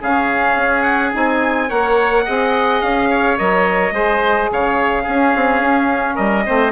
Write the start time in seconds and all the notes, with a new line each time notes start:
0.00 C#3 C#4 G#4 F5
0.56 C#4
0.82 F#5
1.12 C4 D#4 G#5
1.68 A#3 A#4 C#5 F#5
2.25 C4 G#4 D#5
2.81 C#4 F5
3.10 C#5
3.37 F#3 A#4 D#5
3.92 G#3 G#4 C5
4.52 C#3 C#5 F5
5.03 C#4 G#4
5.35 C4
5.61 C#4
6.15 G3 A#4 D#5
6.45 A3 C4 C5